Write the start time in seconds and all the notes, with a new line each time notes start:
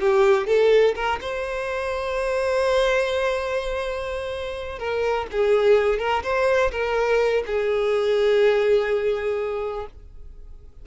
0.00 G4
0.47 A4
0.95 A#4
1.21 C5
4.78 A#4
5.31 G#4
5.99 A#4
6.23 C5
6.71 A#4
7.46 G#4